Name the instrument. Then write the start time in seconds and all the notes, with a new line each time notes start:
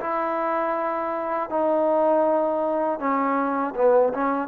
trombone
0.00 E4
1.50 D#4
2.99 C#4
3.75 B3
4.14 C#4